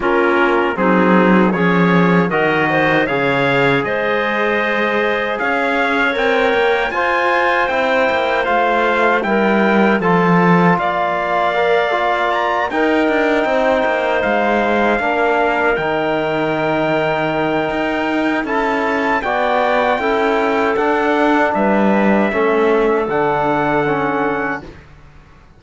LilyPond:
<<
  \new Staff \with { instrumentName = "trumpet" } { \time 4/4 \tempo 4 = 78 ais'4 gis'4 cis''4 dis''4 | f''4 dis''2 f''4 | g''4 gis''4 g''4 f''4 | g''4 a''4 f''2 |
ais''8 g''2 f''4.~ | f''8 g''2.~ g''8 | a''4 g''2 fis''4 | e''2 fis''2 | }
  \new Staff \with { instrumentName = "clarinet" } { \time 4/4 f'4 dis'4 gis'4 ais'8 c''8 | cis''4 c''2 cis''4~ | cis''4 c''2. | ais'4 a'4 d''2~ |
d''8 ais'4 c''2 ais'8~ | ais'1 | a'4 d''4 a'2 | b'4 a'2. | }
  \new Staff \with { instrumentName = "trombone" } { \time 4/4 cis'4 c'4 cis'4 fis'4 | gis'1 | ais'4 f'4 e'4 f'4 | e'4 f'2 ais'8 f'8~ |
f'8 dis'2. d'8~ | d'8 dis'2.~ dis'8 | e'4 fis'4 e'4 d'4~ | d'4 cis'4 d'4 cis'4 | }
  \new Staff \with { instrumentName = "cello" } { \time 4/4 ais4 fis4 f4 dis4 | cis4 gis2 cis'4 | c'8 ais8 f'4 c'8 ais8 a4 | g4 f4 ais2~ |
ais8 dis'8 d'8 c'8 ais8 gis4 ais8~ | ais8 dis2~ dis8 dis'4 | cis'4 b4 cis'4 d'4 | g4 a4 d2 | }
>>